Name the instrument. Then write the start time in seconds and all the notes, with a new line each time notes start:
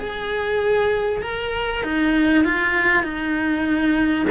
cello
0.00 G#4
1.22 A#4
1.83 D#4
2.45 F4
3.03 D#4